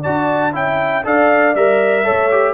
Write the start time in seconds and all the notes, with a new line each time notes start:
0.00 D4 F#4 D5 A5
0.52 C#4 E4 E5 G5
1.04 D4 A4 D5 F5
1.54 G3 A#4 E5
2.04 A3 A4 C#5
2.31 G4